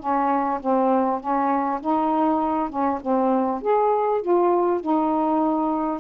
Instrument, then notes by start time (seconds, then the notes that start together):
saxophone
0.00 C#4
0.60 C4
1.21 C#4
1.81 D#4
2.70 C#4
3.02 C4
3.62 G#4
4.22 F4
4.81 D#4